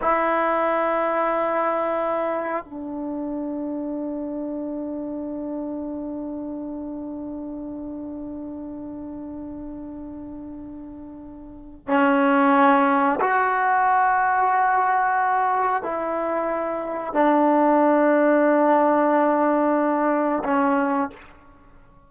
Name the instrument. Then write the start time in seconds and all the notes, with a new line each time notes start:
trombone
0.01 E4
2.64 D4
11.87 C#4
13.20 F#4
15.82 E4
17.13 D4
20.44 C#4